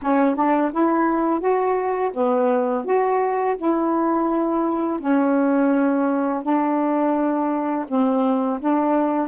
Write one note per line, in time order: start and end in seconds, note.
0.02 0.35 C#4
0.35 0.71 D4
0.72 1.39 E4
1.39 2.11 F#4
2.13 2.84 B3
2.84 3.56 F#4
3.57 5.00 E4
5.00 6.43 C#4
6.43 7.85 D4
7.88 8.59 C4
8.60 9.28 D4